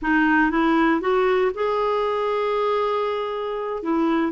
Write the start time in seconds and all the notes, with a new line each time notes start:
0.02 D#4
0.51 E4
1.00 F#4
1.54 G#4
3.82 E4